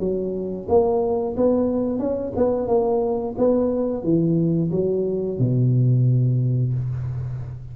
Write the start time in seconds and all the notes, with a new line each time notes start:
0.00 F#3
0.69 A#3
1.37 B3
1.99 C#4
2.37 B3
2.68 A#3
3.38 B3
4.04 E3
4.71 F#3
5.39 B2